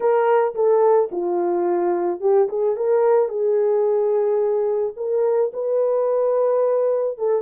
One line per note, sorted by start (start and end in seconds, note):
0.00 0.54 A#4
0.54 1.09 A4
1.11 2.20 F4
2.20 2.48 G4
2.48 2.76 G#4
2.76 3.28 A#4
3.28 4.93 G#4
4.96 5.51 A#4
5.53 7.18 B4
7.18 7.42 A4